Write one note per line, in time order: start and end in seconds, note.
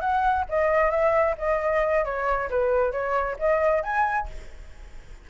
0.00 0.45 F#5
0.48 0.90 D#5
0.90 1.35 E5
1.37 2.04 D#5
2.04 2.49 C#5
2.50 2.91 B4
2.91 3.36 C#5
3.39 3.82 D#5
3.82 4.27 G#5